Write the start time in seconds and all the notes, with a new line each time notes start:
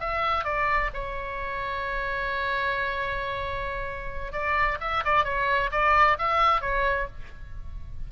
0.00 E5
0.44 D5
0.94 C#5
4.32 D5
4.81 E5
5.05 D5
5.25 C#5
5.72 D5
6.19 E5
6.61 C#5